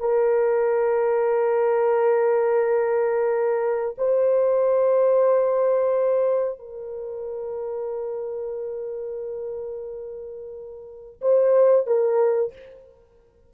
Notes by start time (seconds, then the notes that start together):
0.00 A#4
3.98 C5
6.59 A#4
11.21 C5
11.87 A#4